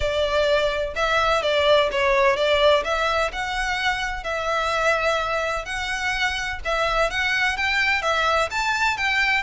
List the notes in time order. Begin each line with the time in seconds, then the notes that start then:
0.00 D5
0.95 E5
1.42 D5
1.91 C#5
2.36 D5
2.83 E5
3.32 F#5
4.23 E5
5.65 F#5
6.64 E5
7.10 F#5
7.57 G5
8.02 E5
8.50 A5
8.97 G5